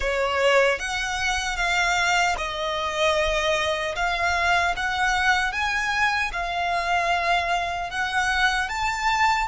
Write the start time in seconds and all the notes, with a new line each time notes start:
0.00 C#5
0.79 F#5
1.56 F5
2.37 D#5
3.95 F5
4.76 F#5
5.52 G#5
6.32 F5
7.90 F#5
8.68 A5